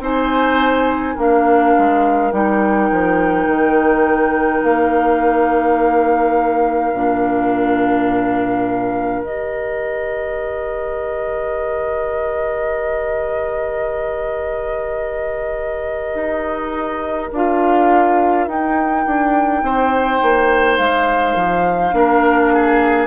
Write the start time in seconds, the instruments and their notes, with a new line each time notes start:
0.00 bassoon C4, clarinet D#4, oboe C5, flute G#5
1.15 bassoon A#3, clarinet D4, oboe A#4, flute F5
1.78 bassoon G#3
2.32 bassoon G3, clarinet D#4, flute G5
2.91 bassoon F3
3.47 bassoon D#3
4.63 bassoon A#3, flute F5
6.93 bassoon A#2, clarinet D4
9.24 bassoon D#3, clarinet G4, flute D#5
16.14 bassoon D#4
17.32 bassoon D4, clarinet F4, flute F5
18.48 bassoon D#4, clarinet D#4, flute G5
19.06 bassoon D4
19.62 bassoon C4, oboe C5
20.22 bassoon A#3
20.77 bassoon G#3, flute F5
21.35 bassoon F3
21.93 bassoon A#3, clarinet D4, oboe A#4
22.53 oboe G#4